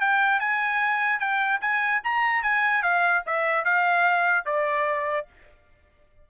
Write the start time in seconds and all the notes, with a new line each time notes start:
0.00 G5
0.40 G#5
1.19 G5
1.61 G#5
2.04 A#5
2.42 G#5
2.82 F5
3.26 E5
3.64 F5
4.45 D5